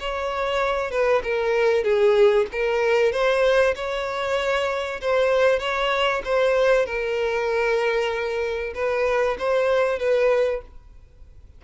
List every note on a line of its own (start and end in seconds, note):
0.00 0.91 C#5
0.91 1.22 B4
1.24 1.84 A#4
1.84 2.47 G#4
2.53 3.12 A#4
3.12 3.75 C5
3.76 5.01 C#5
5.01 5.60 C5
5.60 6.22 C#5
6.25 6.86 C5
6.86 8.74 A#4
8.75 9.37 B4
9.39 9.99 C5
9.99 10.62 B4